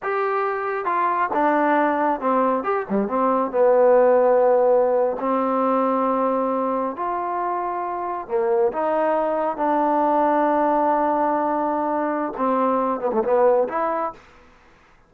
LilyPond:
\new Staff \with { instrumentName = "trombone" } { \time 4/4 \tempo 4 = 136 g'2 f'4 d'4~ | d'4 c'4 g'8 g8 c'4 | b2.~ b8. c'16~ | c'2.~ c'8. f'16~ |
f'2~ f'8. ais4 dis'16~ | dis'4.~ dis'16 d'2~ d'16~ | d'1 | c'4. b16 a16 b4 e'4 | }